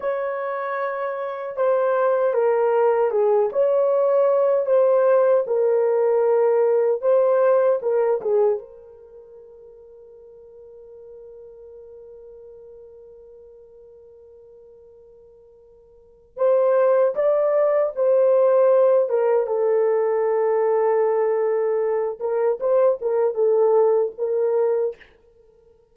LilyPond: \new Staff \with { instrumentName = "horn" } { \time 4/4 \tempo 4 = 77 cis''2 c''4 ais'4 | gis'8 cis''4. c''4 ais'4~ | ais'4 c''4 ais'8 gis'8 ais'4~ | ais'1~ |
ais'1~ | ais'4 c''4 d''4 c''4~ | c''8 ais'8 a'2.~ | a'8 ais'8 c''8 ais'8 a'4 ais'4 | }